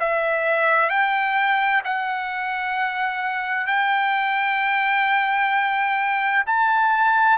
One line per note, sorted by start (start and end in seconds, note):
0.00 0.90 E5
0.90 1.82 G5
1.85 3.67 F#5
3.67 6.44 G5
6.47 7.38 A5